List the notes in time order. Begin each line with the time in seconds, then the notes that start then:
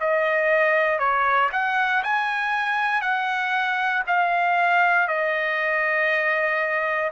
0.00 D#5
0.99 C#5
1.52 F#5
2.03 G#5
3.01 F#5
4.07 F5
5.07 D#5